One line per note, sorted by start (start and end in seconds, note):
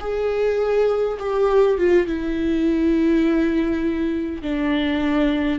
0.00 1.18 G#4
1.19 1.78 G4
1.78 2.07 F4
2.07 4.42 E4
4.42 5.59 D4